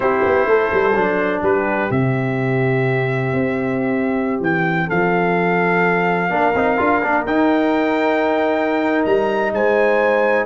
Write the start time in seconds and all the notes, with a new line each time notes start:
0.00 C4 E4 G4 C5
0.25 B3
0.46 A3 A4
0.73 G3
0.94 F#3 D4
1.42 G3 G4 B4
1.90 C3 C4 E5
3.32 C4
4.40 E3 G5
4.87 F3 A4 F5
6.29 A#3 D4 A#4
6.54 C4 D#4
6.77 D4 F4
7.02 A#3 D4
7.26 D#4 G5
9.05 G3 A#5
9.51 G#3 C5 G#5